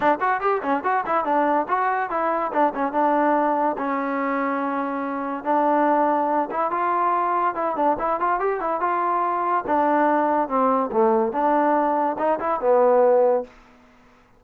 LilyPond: \new Staff \with { instrumentName = "trombone" } { \time 4/4 \tempo 4 = 143 d'8 fis'8 g'8 cis'8 fis'8 e'8 d'4 | fis'4 e'4 d'8 cis'8 d'4~ | d'4 cis'2.~ | cis'4 d'2~ d'8 e'8 |
f'2 e'8 d'8 e'8 f'8 | g'8 e'8 f'2 d'4~ | d'4 c'4 a4 d'4~ | d'4 dis'8 e'8 b2 | }